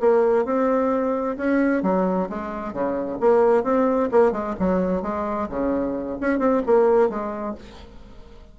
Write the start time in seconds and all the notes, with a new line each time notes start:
0.00 A#3
0.45 C4
1.36 C#4
1.82 F#3
2.29 G#3
2.73 C#3
3.20 A#3
3.63 C4
4.11 A#3
4.32 G#3
4.59 F#3
5.02 G#3
5.49 C#3
6.20 C#4
6.39 C4
6.66 A#3
7.09 G#3